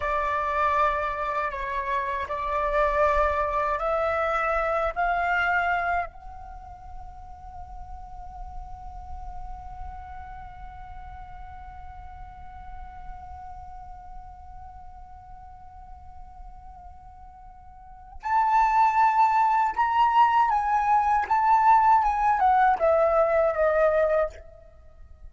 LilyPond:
\new Staff \with { instrumentName = "flute" } { \time 4/4 \tempo 4 = 79 d''2 cis''4 d''4~ | d''4 e''4. f''4. | fis''1~ | fis''1~ |
fis''1~ | fis''1 | a''2 ais''4 gis''4 | a''4 gis''8 fis''8 e''4 dis''4 | }